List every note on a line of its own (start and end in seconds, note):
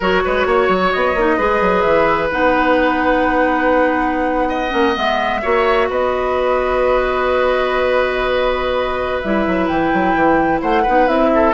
0.00 0.23 F#3
0.00 1.17 F#4
0.00 0.22 A#4
0.00 0.91 C#5
0.24 0.45 G#3
0.24 0.47 B4
0.45 0.68 A#3
0.45 1.37 C#5
0.68 0.91 F#3
0.91 1.14 B3
0.91 1.81 D#5
1.14 1.37 A#3
1.14 1.38 D#4
1.37 1.60 G#3
1.37 2.31 G#4
1.37 4.48 B4
1.60 1.84 F#3
1.81 2.30 E3
1.81 2.27 E5
2.31 4.72 B3
2.31 4.69 D#4
2.31 4.97 F#5
4.48 5.41 D#5
4.69 4.95 A#3
4.69 4.92 C#4
4.94 5.42 G#3
4.94 5.41 B3
4.94 5.89 E5
5.42 5.89 A#3
5.42 9.23 F#4
5.42 5.88 C#5
5.89 9.23 B3
5.89 10.61 B4
5.89 9.21 D#5
9.21 9.46 G3
9.21 10.85 E4
9.21 9.67 E5
9.46 9.68 F#3
9.67 9.91 E3
9.67 10.60 G5
9.93 10.15 F#3
10.15 10.61 E3
10.61 10.85 A3
10.61 10.82 C5
10.61 11.07 F#5
10.82 11.08 B3
10.82 11.07 D#4
10.82 11.28 B4
11.07 11.54 C4
11.07 11.53 E4
11.07 11.53 E5
11.34 11.54 A4